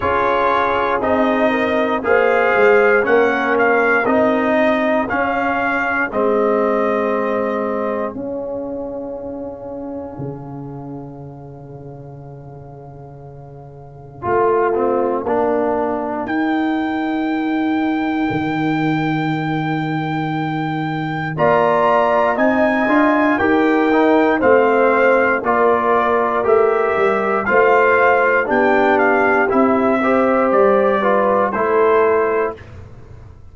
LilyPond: <<
  \new Staff \with { instrumentName = "trumpet" } { \time 4/4 \tempo 4 = 59 cis''4 dis''4 f''4 fis''8 f''8 | dis''4 f''4 dis''2 | f''1~ | f''1 |
g''1~ | g''4 ais''4 gis''4 g''4 | f''4 d''4 e''4 f''4 | g''8 f''8 e''4 d''4 c''4 | }
  \new Staff \with { instrumentName = "horn" } { \time 4/4 gis'4. ais'8 c''4 ais'4~ | ais'8 gis'2.~ gis'8~ | gis'1~ | gis'2 f'4 ais'4~ |
ais'1~ | ais'4 d''4 dis''4 ais'4 | c''4 ais'2 c''4 | g'4. c''4 b'8 a'4 | }
  \new Staff \with { instrumentName = "trombone" } { \time 4/4 f'4 dis'4 gis'4 cis'4 | dis'4 cis'4 c'2 | cis'1~ | cis'2 f'8 c'8 d'4 |
dis'1~ | dis'4 f'4 dis'8 f'8 g'8 dis'8 | c'4 f'4 g'4 f'4 | d'4 e'8 g'4 f'8 e'4 | }
  \new Staff \with { instrumentName = "tuba" } { \time 4/4 cis'4 c'4 ais8 gis8 ais4 | c'4 cis'4 gis2 | cis'2 cis2~ | cis2 a4 ais4 |
dis'2 dis2~ | dis4 ais4 c'8 d'8 dis'4 | a4 ais4 a8 g8 a4 | b4 c'4 g4 a4 | }
>>